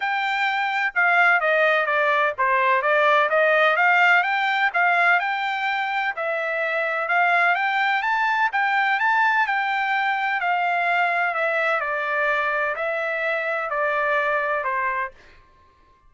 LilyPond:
\new Staff \with { instrumentName = "trumpet" } { \time 4/4 \tempo 4 = 127 g''2 f''4 dis''4 | d''4 c''4 d''4 dis''4 | f''4 g''4 f''4 g''4~ | g''4 e''2 f''4 |
g''4 a''4 g''4 a''4 | g''2 f''2 | e''4 d''2 e''4~ | e''4 d''2 c''4 | }